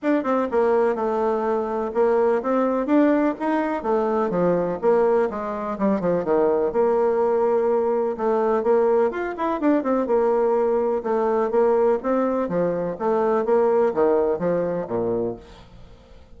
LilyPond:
\new Staff \with { instrumentName = "bassoon" } { \time 4/4 \tempo 4 = 125 d'8 c'8 ais4 a2 | ais4 c'4 d'4 dis'4 | a4 f4 ais4 gis4 | g8 f8 dis4 ais2~ |
ais4 a4 ais4 f'8 e'8 | d'8 c'8 ais2 a4 | ais4 c'4 f4 a4 | ais4 dis4 f4 ais,4 | }